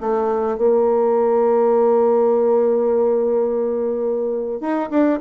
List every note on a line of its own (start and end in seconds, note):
0.00 0.57 A3
0.57 4.60 A#3
4.60 4.89 D#4
4.90 5.19 D4